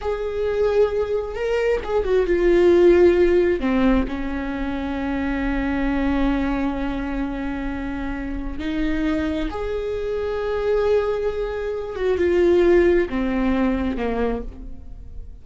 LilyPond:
\new Staff \with { instrumentName = "viola" } { \time 4/4 \tempo 4 = 133 gis'2. ais'4 | gis'8 fis'8 f'2. | c'4 cis'2.~ | cis'1~ |
cis'2. dis'4~ | dis'4 gis'2.~ | gis'2~ gis'8 fis'8 f'4~ | f'4 c'2 ais4 | }